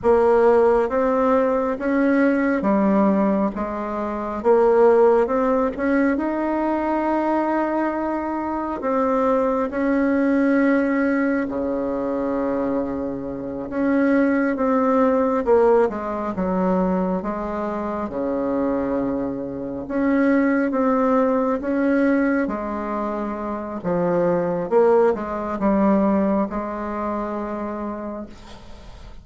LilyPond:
\new Staff \with { instrumentName = "bassoon" } { \time 4/4 \tempo 4 = 68 ais4 c'4 cis'4 g4 | gis4 ais4 c'8 cis'8 dis'4~ | dis'2 c'4 cis'4~ | cis'4 cis2~ cis8 cis'8~ |
cis'8 c'4 ais8 gis8 fis4 gis8~ | gis8 cis2 cis'4 c'8~ | c'8 cis'4 gis4. f4 | ais8 gis8 g4 gis2 | }